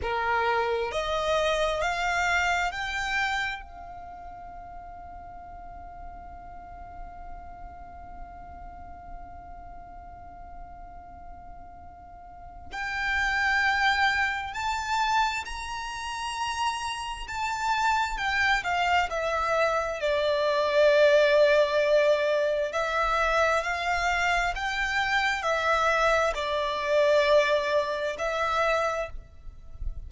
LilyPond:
\new Staff \with { instrumentName = "violin" } { \time 4/4 \tempo 4 = 66 ais'4 dis''4 f''4 g''4 | f''1~ | f''1~ | f''2 g''2 |
a''4 ais''2 a''4 | g''8 f''8 e''4 d''2~ | d''4 e''4 f''4 g''4 | e''4 d''2 e''4 | }